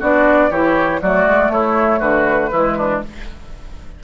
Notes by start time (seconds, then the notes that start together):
0.00 B3 D4 F#4 D5
0.51 E3 E4 G4 C#5
1.02 F#3 A3 F#4 D5
1.27 G#3
1.50 A3 E4 C#5
2.00 D3 F#4 B4
2.53 E3 G#3 E4
2.78 D4